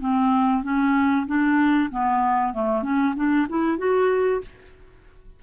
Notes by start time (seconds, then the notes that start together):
0.00 C4
0.63 C#4
1.27 D4
1.91 B3
2.53 A3
2.82 C#4
3.16 D4
3.49 E4
3.78 F#4